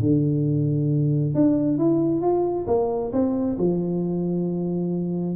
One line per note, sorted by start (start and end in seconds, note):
0.00 1.34 D3
1.34 1.78 D4
1.78 2.21 E4
2.21 2.66 F4
2.67 3.12 A#3
3.12 3.57 C4
3.58 5.36 F3